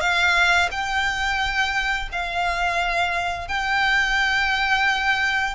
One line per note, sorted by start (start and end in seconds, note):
0.00 0.69 F5
0.71 2.09 G5
2.12 3.48 F5
3.48 5.55 G5